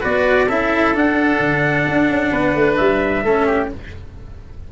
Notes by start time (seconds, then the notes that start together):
0.00 B3 F#4 B4 D5
0.47 C#4 E4 A4 E5
0.95 D4 F#5
1.39 D3
1.87 D4
2.08 C#4
2.31 B3 B4
2.55 A3
2.76 G3 E5
3.24 A3 C#4 A4
3.47 G4